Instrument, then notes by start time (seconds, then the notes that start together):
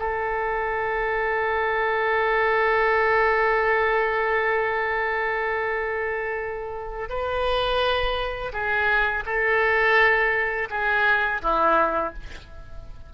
oboe
0.00 A4
7.10 B4
8.53 G#4
9.26 A4
10.70 G#4
11.43 E4